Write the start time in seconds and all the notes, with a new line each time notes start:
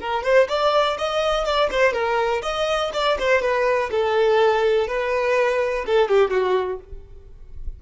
0.00 A#4
0.23 C5
0.48 D5
0.98 D#5
1.45 D5
1.71 C5
1.93 A#4
2.42 D#5
2.93 D5
3.19 C5
3.41 B4
3.90 A4
4.87 B4
5.86 A4
6.08 G4
6.30 F#4